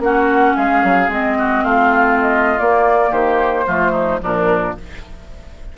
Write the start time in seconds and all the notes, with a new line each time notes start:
0.00 A#3 C#4 F#4 F#5
0.57 G#3 G#4 F5
0.84 F#3
1.09 G#3 C4 D#5
1.38 F#4
1.64 A3 F4 F5
2.22 D#5
2.59 A#3 D5
3.10 D#3 G4 C5
3.67 F3 A3 F4
3.92 D#4
4.19 A#2 F3 D4 A#4